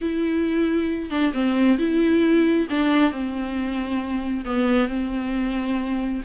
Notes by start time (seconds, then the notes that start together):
0.01 E4
1.10 D4
1.33 C4
1.78 E4
2.69 D4
3.11 C4
4.45 B3
4.88 C4